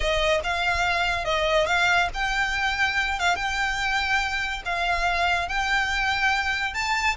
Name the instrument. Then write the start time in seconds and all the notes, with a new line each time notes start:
violin
0.00 D#5
0.43 F5
1.25 D#5
1.66 F5
2.14 G5
3.19 F5
3.35 G5
4.65 F5
5.48 G5
6.74 A5